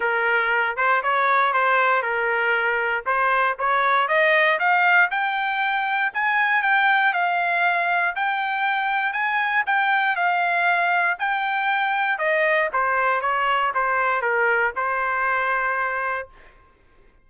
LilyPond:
\new Staff \with { instrumentName = "trumpet" } { \time 4/4 \tempo 4 = 118 ais'4. c''8 cis''4 c''4 | ais'2 c''4 cis''4 | dis''4 f''4 g''2 | gis''4 g''4 f''2 |
g''2 gis''4 g''4 | f''2 g''2 | dis''4 c''4 cis''4 c''4 | ais'4 c''2. | }